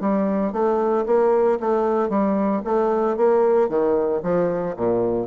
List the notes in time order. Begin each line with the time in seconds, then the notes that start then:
0.00 G3
0.52 A3
1.06 A#3
1.60 A3
2.09 G3
2.64 A3
3.17 A#3
3.68 D#3
4.22 F3
4.76 A#2